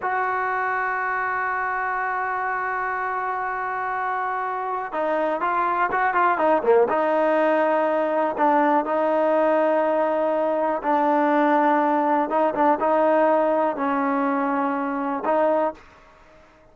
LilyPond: \new Staff \with { instrumentName = "trombone" } { \time 4/4 \tempo 4 = 122 fis'1~ | fis'1~ | fis'2 dis'4 f'4 | fis'8 f'8 dis'8 ais8 dis'2~ |
dis'4 d'4 dis'2~ | dis'2 d'2~ | d'4 dis'8 d'8 dis'2 | cis'2. dis'4 | }